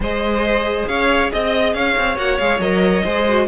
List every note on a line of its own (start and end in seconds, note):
0.00 0.84 G#3
0.00 2.16 G#4
0.00 0.88 C5
0.00 0.87 D#5
0.87 1.31 C#4
0.87 1.32 C#5
0.87 1.30 F5
1.32 1.74 C4
1.32 1.74 D#5
1.32 1.73 D#5
1.73 1.96 C#4
1.73 3.03 C#5
1.73 2.17 F5
1.97 2.17 C4
2.16 2.38 A#3
2.16 2.38 F#4
2.16 2.38 F#5
2.38 2.59 G#3
2.38 2.60 G#4
2.38 2.60 F5
2.59 3.02 F#3
2.59 3.04 A#4
2.59 3.47 D#5
3.03 3.47 G#3
3.03 3.27 G#4
3.03 3.47 C5
3.28 3.47 F#4